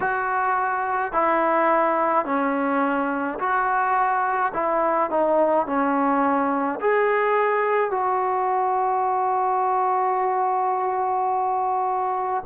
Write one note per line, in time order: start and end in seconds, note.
0.00 1.12 F#4
1.12 2.25 E4
2.25 3.38 C#4
3.39 4.52 F#4
4.53 5.10 E4
5.10 5.66 D#4
5.66 6.79 C#4
6.80 7.90 G#4
7.90 12.43 F#4